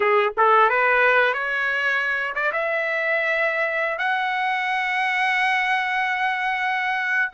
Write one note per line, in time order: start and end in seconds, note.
0.00 0.32 G#4
0.37 0.69 A4
0.69 1.33 B4
1.33 2.33 C#5
2.35 2.52 D5
2.52 3.98 E5
3.98 7.32 F#5